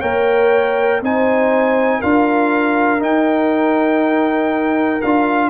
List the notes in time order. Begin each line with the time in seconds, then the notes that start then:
0.00 A#3 A#4 C#5 G5
1.02 C4 D#4 C5 G#5
1.99 D4 F4 A#4 F5
2.99 D#4 G5
5.01 D4 F4 F5